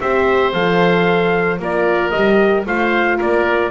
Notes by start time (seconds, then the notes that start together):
0.00 C4 G4 C5 E5
0.53 F3 A4 F5
1.59 A#3 F4 A#4 D5
2.10 G3 G4 D#5
2.66 A3 F4 C5 F5
3.18 A#3 A#4 D5